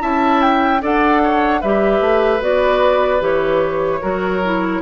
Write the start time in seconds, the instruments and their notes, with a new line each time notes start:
0.00 bassoon C#4, clarinet E4, oboe E5, flute A5
0.41 flute G5
0.81 bassoon D4, clarinet A4, oboe D5, flute F#5
1.23 oboe C#5
1.61 bassoon G3, clarinet G4, oboe B4, flute E5
2.00 bassoon A3
2.40 bassoon B3, clarinet F#4, flute D5
3.19 bassoon E3, clarinet G4, flute C#5
4.01 bassoon F#3, clarinet F#4, oboe A#4
4.44 clarinet E4